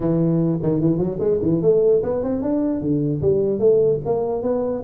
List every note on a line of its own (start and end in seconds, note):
0.00 0.59 E3
0.62 0.80 D#3
0.80 0.98 E3
0.98 1.18 F#3
1.19 1.39 G#3
1.41 1.62 E3
1.62 2.02 A3
2.03 2.23 B3
2.23 2.42 C4
2.42 2.80 D4
2.80 3.21 D3
3.21 3.59 G3
3.59 3.99 A3
4.05 4.42 A#3
4.42 4.82 B3